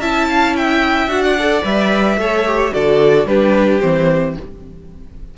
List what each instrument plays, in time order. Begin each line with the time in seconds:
0.00 cello C#4, viola E4, violin E5 A5
0.29 violin F5
0.57 violin E5 G5
1.08 cello D4, viola F#4, violin F#5
1.24 violin D5
1.40 viola A4
1.64 cello G3, viola B4, violin E5
2.17 cello A3, viola A4, violin C#5
2.47 viola G4
2.72 cello D3, viola F#4, violin A4 D5
3.25 cello G3, viola D4, violin G4 B4
3.81 cello E3, viola C4, violin C5